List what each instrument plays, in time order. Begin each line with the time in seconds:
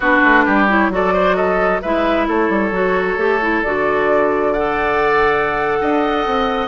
0.00 bassoon B3, clarinet D4, oboe F#4, flute B4
0.23 bassoon A3
0.45 bassoon G3, oboe G4
0.68 clarinet E4, flute C#5
0.89 bassoon F#3, clarinet F#4, oboe A4, flute D5
1.13 oboe C5
1.35 oboe A4, flute D#5
1.81 bassoon G#3, clarinet E4, oboe B4, flute E5
2.27 bassoon A3, oboe A4, flute C#5
2.49 bassoon G3
2.71 bassoon F#3, clarinet F#4
3.16 bassoon A3, clarinet G4
3.41 clarinet E4
3.63 bassoon D3, clarinet F#4, flute D5
4.52 clarinet A4, oboe D5, flute F#5
5.80 bassoon D4, oboe D#5
6.26 bassoon C4